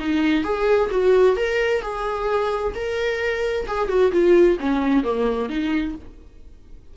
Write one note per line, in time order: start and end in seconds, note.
0.00 0.44 D#4
0.44 0.90 G#4
0.91 1.36 F#4
1.36 1.82 A#4
1.82 2.73 G#4
2.75 3.66 A#4
3.67 3.89 G#4
3.89 4.12 F#4
4.12 4.58 F4
4.60 5.04 C#4
5.04 5.49 A#3
5.49 5.95 D#4